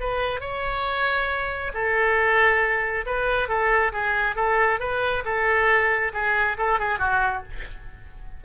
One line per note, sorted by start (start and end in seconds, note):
0.00 0.41 B4
0.41 1.72 C#5
1.74 3.05 A4
3.06 3.48 B4
3.48 3.92 A4
3.92 4.36 G#4
4.36 4.80 A4
4.80 5.24 B4
5.25 6.12 A4
6.13 6.57 G#4
6.58 6.79 A4
6.79 6.99 G#4
6.99 7.43 F#4